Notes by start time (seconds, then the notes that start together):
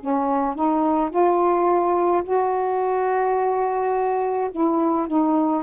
0.00 C#4
0.55 D#4
1.10 F4
2.24 F#4
4.51 E4
5.07 D#4